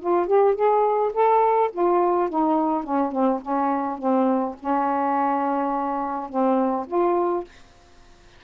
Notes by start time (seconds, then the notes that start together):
0.00 F4
0.27 G4
0.55 G#4
1.14 A4
1.72 F4
2.30 D#4
2.84 C#4
3.12 C4
3.41 C#4
3.98 C4
4.60 C#4
6.29 C4
6.87 F4